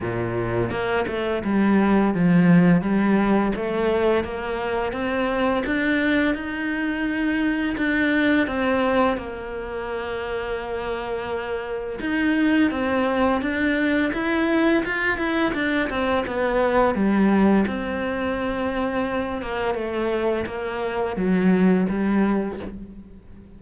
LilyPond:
\new Staff \with { instrumentName = "cello" } { \time 4/4 \tempo 4 = 85 ais,4 ais8 a8 g4 f4 | g4 a4 ais4 c'4 | d'4 dis'2 d'4 | c'4 ais2.~ |
ais4 dis'4 c'4 d'4 | e'4 f'8 e'8 d'8 c'8 b4 | g4 c'2~ c'8 ais8 | a4 ais4 fis4 g4 | }